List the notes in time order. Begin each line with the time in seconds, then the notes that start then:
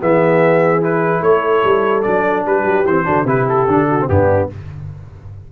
0.00 E3 B3 G#4 E5
0.81 E4 B4
1.21 A3 A4 C#5
1.64 G3
2.02 F#3 D4 D5
2.46 G3 G4 B4
2.64 F#3
2.85 E3 C4 C5
3.05 D3 D4 F#4
3.25 C3 E4 G4 B4
3.49 A4
3.67 D3 D4
3.88 F#4
4.00 C4
4.09 G2 B3 D4 G4